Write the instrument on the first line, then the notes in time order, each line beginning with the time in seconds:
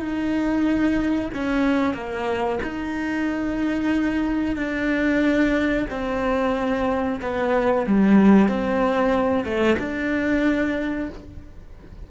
cello
0.00 D#4
1.34 C#4
1.94 A#3
2.63 D#4
4.56 D4
5.90 C4
7.21 B3
7.86 G3
8.48 C4
9.44 A3
9.79 D4